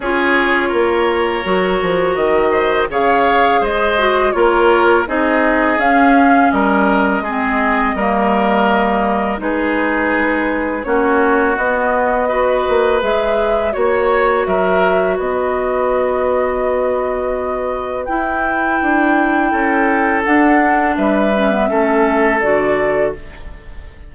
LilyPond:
<<
  \new Staff \with { instrumentName = "flute" } { \time 4/4 \tempo 4 = 83 cis''2. dis''4 | f''4 dis''4 cis''4 dis''4 | f''4 dis''2.~ | dis''4 b'2 cis''4 |
dis''2 e''4 cis''4 | e''4 dis''2.~ | dis''4 g''2. | fis''4 e''2 d''4 | }
  \new Staff \with { instrumentName = "oboe" } { \time 4/4 gis'4 ais'2~ ais'8 c''8 | cis''4 c''4 ais'4 gis'4~ | gis'4 ais'4 gis'4 ais'4~ | ais'4 gis'2 fis'4~ |
fis'4 b'2 cis''4 | ais'4 b'2.~ | b'2. a'4~ | a'4 b'4 a'2 | }
  \new Staff \with { instrumentName = "clarinet" } { \time 4/4 f'2 fis'2 | gis'4. fis'8 f'4 dis'4 | cis'2 c'4 ais4~ | ais4 dis'2 cis'4 |
b4 fis'4 gis'4 fis'4~ | fis'1~ | fis'4 e'2. | d'4. cis'16 b16 cis'4 fis'4 | }
  \new Staff \with { instrumentName = "bassoon" } { \time 4/4 cis'4 ais4 fis8 f8 dis4 | cis4 gis4 ais4 c'4 | cis'4 g4 gis4 g4~ | g4 gis2 ais4 |
b4. ais8 gis4 ais4 | fis4 b2.~ | b4 e'4 d'4 cis'4 | d'4 g4 a4 d4 | }
>>